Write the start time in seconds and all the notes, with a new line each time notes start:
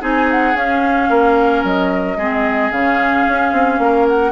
0.00 C4 D#4 G#4 G#5
0.31 F#5
0.54 C#4 F5
1.10 A#3 A#4
1.64 F#3 D#5
2.17 G#3 C4 G#4
2.71 C#3 C#4 F5
3.27 C#4
3.52 C4
3.78 A#3 A#4
4.08 F#5